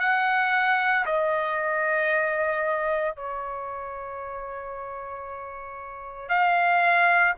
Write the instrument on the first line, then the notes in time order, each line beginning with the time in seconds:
trumpet
0.00 F#5
1.06 D#5
3.16 C#5
6.29 F5